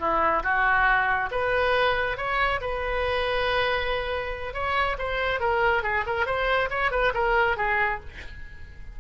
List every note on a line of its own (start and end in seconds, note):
0.00 0.43 E4
0.44 1.30 F#4
1.31 2.18 B4
2.18 2.61 C#5
2.61 4.54 B4
4.54 4.97 C#5
4.99 5.40 C5
5.40 5.83 A#4
5.83 6.05 G#4
6.07 6.26 A#4
6.26 6.69 C5
6.71 6.92 C#5
6.92 7.13 B4
7.15 7.57 A#4
7.57 8.00 G#4